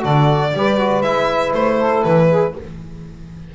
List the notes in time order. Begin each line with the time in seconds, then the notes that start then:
0.00 D3 F#4 A4 D5
0.53 G3 G4 B4
0.78 F#4
1.02 G#3 E4 E5
1.53 A3 C5
1.76 A4
2.03 E3 B4
2.29 G#4